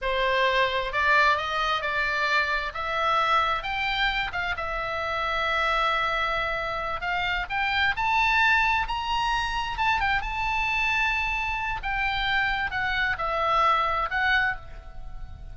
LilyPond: \new Staff \with { instrumentName = "oboe" } { \time 4/4 \tempo 4 = 132 c''2 d''4 dis''4 | d''2 e''2 | g''4. f''8 e''2~ | e''2.~ e''8 f''8~ |
f''8 g''4 a''2 ais''8~ | ais''4. a''8 g''8 a''4.~ | a''2 g''2 | fis''4 e''2 fis''4 | }